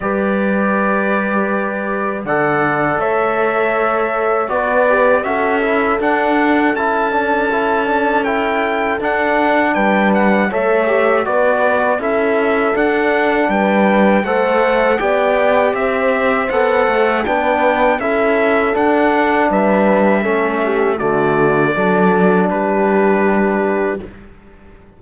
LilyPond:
<<
  \new Staff \with { instrumentName = "trumpet" } { \time 4/4 \tempo 4 = 80 d''2. fis''4 | e''2 d''4 e''4 | fis''4 a''2 g''4 | fis''4 g''8 fis''8 e''4 d''4 |
e''4 fis''4 g''4 fis''4 | g''4 e''4 fis''4 g''4 | e''4 fis''4 e''2 | d''2 b'2 | }
  \new Staff \with { instrumentName = "horn" } { \time 4/4 b'2. d''4 | cis''2 b'4 a'4~ | a'1~ | a'4 b'4 cis''4 b'4 |
a'2 b'4 c''4 | d''4 c''2 b'4 | a'2 b'4 a'8 g'8 | fis'4 a'4 g'2 | }
  \new Staff \with { instrumentName = "trombone" } { \time 4/4 g'2. a'4~ | a'2 fis'8 g'8 fis'8 e'8 | d'4 e'8 d'8 e'8 d'8 e'4 | d'2 a'8 g'8 fis'4 |
e'4 d'2 a'4 | g'2 a'4 d'4 | e'4 d'2 cis'4 | a4 d'2. | }
  \new Staff \with { instrumentName = "cello" } { \time 4/4 g2. d4 | a2 b4 cis'4 | d'4 cis'2. | d'4 g4 a4 b4 |
cis'4 d'4 g4 a4 | b4 c'4 b8 a8 b4 | cis'4 d'4 g4 a4 | d4 fis4 g2 | }
>>